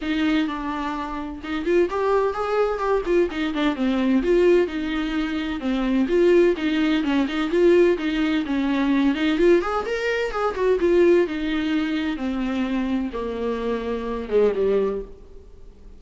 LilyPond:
\new Staff \with { instrumentName = "viola" } { \time 4/4 \tempo 4 = 128 dis'4 d'2 dis'8 f'8 | g'4 gis'4 g'8 f'8 dis'8 d'8 | c'4 f'4 dis'2 | c'4 f'4 dis'4 cis'8 dis'8 |
f'4 dis'4 cis'4. dis'8 | f'8 gis'8 ais'4 gis'8 fis'8 f'4 | dis'2 c'2 | ais2~ ais8 gis8 g4 | }